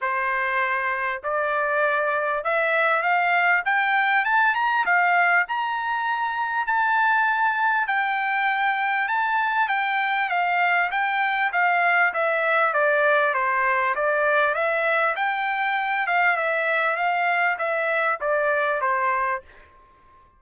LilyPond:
\new Staff \with { instrumentName = "trumpet" } { \time 4/4 \tempo 4 = 99 c''2 d''2 | e''4 f''4 g''4 a''8 ais''8 | f''4 ais''2 a''4~ | a''4 g''2 a''4 |
g''4 f''4 g''4 f''4 | e''4 d''4 c''4 d''4 | e''4 g''4. f''8 e''4 | f''4 e''4 d''4 c''4 | }